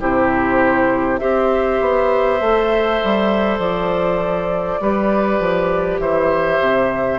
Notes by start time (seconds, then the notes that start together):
0.00 C3 E4 G4 C5
1.19 C4 G4 C5 E5
1.81 B3
2.41 A3 A4
3.04 G3
3.59 F3 D5
4.80 G3 G4 B4
5.40 F3
5.99 E3 C5 E5
6.60 C3